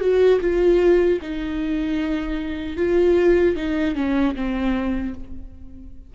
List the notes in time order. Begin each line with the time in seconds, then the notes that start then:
0.00 F#4
0.41 F4
1.22 D#4
2.77 F4
3.56 D#4
3.95 C#4
4.35 C4